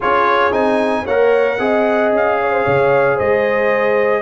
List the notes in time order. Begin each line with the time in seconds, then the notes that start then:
0.00 C#4 F4 G#4 C#5
0.52 C4 D#4 G#5
1.04 A#3 A#4 C#5 F#5
1.58 C4 G#4 D#5
2.12 C#4 F5
2.41 C#5
2.51 C5
2.64 C#3 C#5
3.15 G#3 C5 D#5